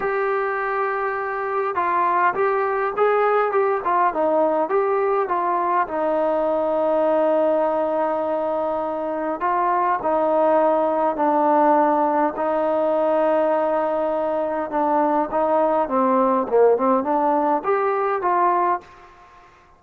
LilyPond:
\new Staff \with { instrumentName = "trombone" } { \time 4/4 \tempo 4 = 102 g'2. f'4 | g'4 gis'4 g'8 f'8 dis'4 | g'4 f'4 dis'2~ | dis'1 |
f'4 dis'2 d'4~ | d'4 dis'2.~ | dis'4 d'4 dis'4 c'4 | ais8 c'8 d'4 g'4 f'4 | }